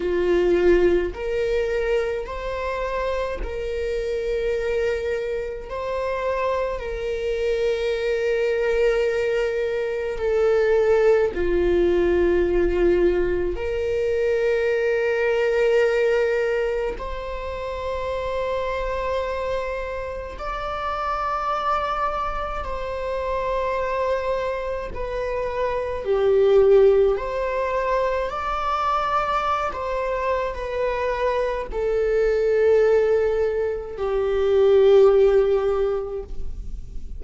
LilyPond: \new Staff \with { instrumentName = "viola" } { \time 4/4 \tempo 4 = 53 f'4 ais'4 c''4 ais'4~ | ais'4 c''4 ais'2~ | ais'4 a'4 f'2 | ais'2. c''4~ |
c''2 d''2 | c''2 b'4 g'4 | c''4 d''4~ d''16 c''8. b'4 | a'2 g'2 | }